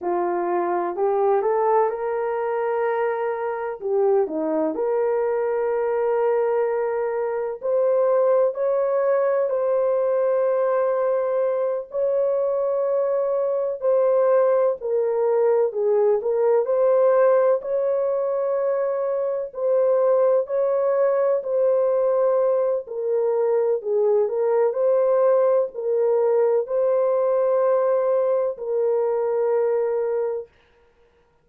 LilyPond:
\new Staff \with { instrumentName = "horn" } { \time 4/4 \tempo 4 = 63 f'4 g'8 a'8 ais'2 | g'8 dis'8 ais'2. | c''4 cis''4 c''2~ | c''8 cis''2 c''4 ais'8~ |
ais'8 gis'8 ais'8 c''4 cis''4.~ | cis''8 c''4 cis''4 c''4. | ais'4 gis'8 ais'8 c''4 ais'4 | c''2 ais'2 | }